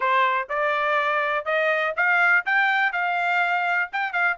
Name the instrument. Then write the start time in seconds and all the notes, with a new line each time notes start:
trumpet
0.00 C5
0.49 D5
1.45 D#5
1.96 F5
2.45 G5
2.92 F5
3.92 G5
4.12 F5